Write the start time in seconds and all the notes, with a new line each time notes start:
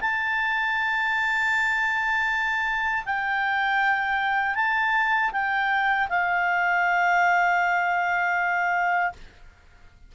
0.00 A5
3.05 G5
4.55 A5
5.32 G5
6.09 F5